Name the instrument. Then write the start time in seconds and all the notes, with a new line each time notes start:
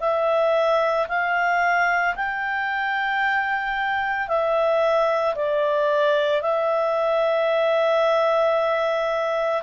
clarinet
0.00 E5
1.08 F5
2.16 G5
4.28 E5
5.35 D5
6.41 E5